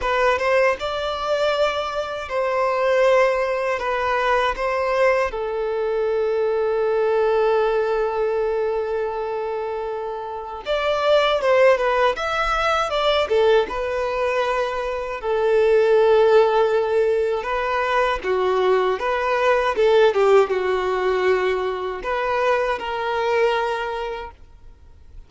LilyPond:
\new Staff \with { instrumentName = "violin" } { \time 4/4 \tempo 4 = 79 b'8 c''8 d''2 c''4~ | c''4 b'4 c''4 a'4~ | a'1~ | a'2 d''4 c''8 b'8 |
e''4 d''8 a'8 b'2 | a'2. b'4 | fis'4 b'4 a'8 g'8 fis'4~ | fis'4 b'4 ais'2 | }